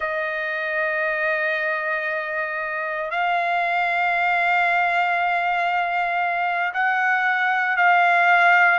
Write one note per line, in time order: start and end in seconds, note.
0.00 3.10 D#5
3.10 6.72 F5
6.73 7.76 F#5
7.76 8.79 F5